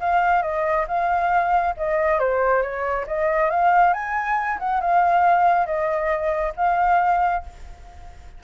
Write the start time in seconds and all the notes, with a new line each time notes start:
0.00 F5
0.42 D#5
0.88 F5
1.77 D#5
2.19 C5
2.62 C#5
3.07 D#5
3.50 F5
3.93 G#5
4.59 F#5
4.80 F5
5.66 D#5
6.56 F5